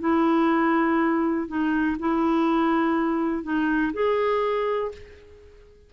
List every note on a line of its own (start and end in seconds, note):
0.00 1.48 E4
1.48 1.97 D#4
1.99 3.43 E4
3.43 3.93 D#4
3.93 4.92 G#4